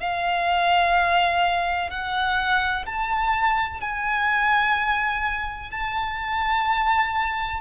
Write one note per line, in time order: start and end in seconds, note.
0.00 1.90 F5
1.90 2.86 F#5
2.86 3.81 A5
3.81 5.71 G#5
5.71 7.61 A5